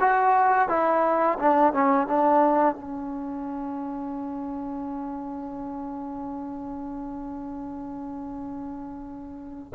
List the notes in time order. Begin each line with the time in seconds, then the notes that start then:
0.00 F#4
0.68 E4
1.39 D4
1.73 C#4
2.07 D4
2.75 C#4